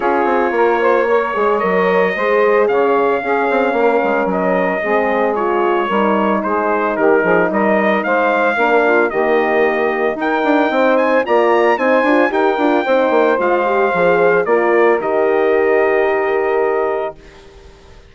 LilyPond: <<
  \new Staff \with { instrumentName = "trumpet" } { \time 4/4 \tempo 4 = 112 cis''2. dis''4~ | dis''4 f''2. | dis''2 cis''2 | c''4 ais'4 dis''4 f''4~ |
f''4 dis''2 g''4~ | g''8 gis''8 ais''4 gis''4 g''4~ | g''4 f''2 d''4 | dis''1 | }
  \new Staff \with { instrumentName = "saxophone" } { \time 4/4 gis'4 ais'8 c''8 cis''2 | c''4 cis''4 gis'4 ais'4~ | ais'4 gis'2 ais'4 | gis'4 g'8 gis'8 ais'4 c''4 |
ais'8 f'8 g'2 ais'4 | c''4 d''4 c''4 ais'4 | c''2. ais'4~ | ais'1 | }
  \new Staff \with { instrumentName = "horn" } { \time 4/4 f'2 ais'8 gis'8 ais'4 | gis'2 cis'2~ | cis'4 c'4 f'4 dis'4~ | dis'1 |
d'4 ais2 dis'4~ | dis'4 f'4 dis'8 f'8 g'8 f'8 | dis'4 f'8 g'8 gis'4 f'4 | g'1 | }
  \new Staff \with { instrumentName = "bassoon" } { \time 4/4 cis'8 c'8 ais4. gis8 fis4 | gis4 cis4 cis'8 c'8 ais8 gis8 | fis4 gis2 g4 | gis4 dis8 f8 g4 gis4 |
ais4 dis2 dis'8 d'8 | c'4 ais4 c'8 d'8 dis'8 d'8 | c'8 ais8 gis4 f4 ais4 | dis1 | }
>>